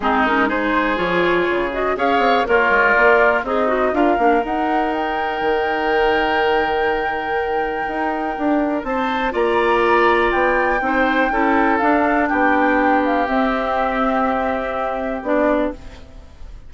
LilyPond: <<
  \new Staff \with { instrumentName = "flute" } { \time 4/4 \tempo 4 = 122 gis'8 ais'8 c''4 cis''4. dis''8 | f''4 cis''4 d''4 dis''4 | f''4 fis''4 g''2~ | g''1~ |
g''2 a''4 ais''4~ | ais''4 g''2. | f''4 g''4. f''8 e''4~ | e''2. d''4 | }
  \new Staff \with { instrumentName = "oboe" } { \time 4/4 dis'4 gis'2. | cis''4 f'2 dis'4 | ais'1~ | ais'1~ |
ais'2 c''4 d''4~ | d''2 c''4 a'4~ | a'4 g'2.~ | g'1 | }
  \new Staff \with { instrumentName = "clarinet" } { \time 4/4 c'8 cis'8 dis'4 f'4. fis'8 | gis'4 ais'2 gis'8 fis'8 | f'8 d'8 dis'2.~ | dis'1~ |
dis'2. f'4~ | f'2 dis'4 e'4 | d'2. c'4~ | c'2. d'4 | }
  \new Staff \with { instrumentName = "bassoon" } { \time 4/4 gis2 f4 cis4 | cis'8 c'8 ais8 gis8 ais4 c'4 | d'8 ais8 dis'2 dis4~ | dis1 |
dis'4 d'4 c'4 ais4~ | ais4 b4 c'4 cis'4 | d'4 b2 c'4~ | c'2. b4 | }
>>